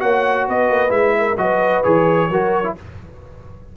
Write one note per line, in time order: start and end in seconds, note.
0.00 0.48 A#3
0.00 0.89 F#4
0.00 0.47 C#5
0.00 0.46 F#5
0.48 0.70 B3
0.48 1.17 B4
0.48 0.91 D#5
0.70 0.90 A#3
0.89 1.36 G#3
0.89 1.34 E4
0.89 1.37 E5
1.18 1.41 A#4
1.37 1.83 F#3
1.37 1.83 F#4
1.37 2.30 B4
1.37 1.83 D#5
1.83 2.29 E3
1.83 2.29 G#4
1.83 2.75 C#5
2.29 2.75 F#3
2.29 2.64 F#4
2.29 2.76 A#4
2.64 2.75 E4